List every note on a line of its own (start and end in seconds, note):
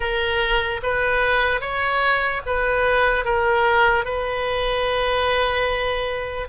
0.00 0.80 A#4
0.82 1.60 B4
1.60 2.41 C#5
2.45 3.24 B4
3.24 4.04 A#4
4.04 6.48 B4